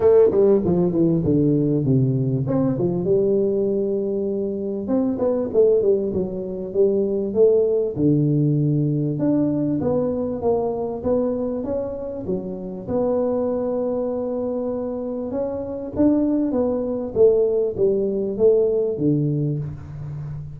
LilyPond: \new Staff \with { instrumentName = "tuba" } { \time 4/4 \tempo 4 = 98 a8 g8 f8 e8 d4 c4 | c'8 f8 g2. | c'8 b8 a8 g8 fis4 g4 | a4 d2 d'4 |
b4 ais4 b4 cis'4 | fis4 b2.~ | b4 cis'4 d'4 b4 | a4 g4 a4 d4 | }